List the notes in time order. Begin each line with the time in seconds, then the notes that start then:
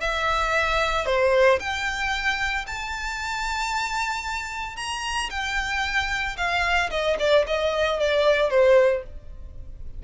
0.00 E5
1.06 C5
1.59 G5
2.66 A5
4.76 A#5
5.30 G5
6.37 F5
6.90 D#5
7.19 D5
7.46 D#5
7.99 D5
8.50 C5